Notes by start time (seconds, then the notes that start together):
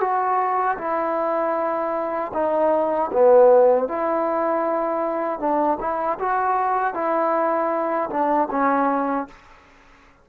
0.00 F#4
0.78 E4
2.33 D#4
3.12 B3
3.87 E4
5.39 D4
5.79 E4
6.19 F#4
6.94 E4
8.10 D4
8.50 C#4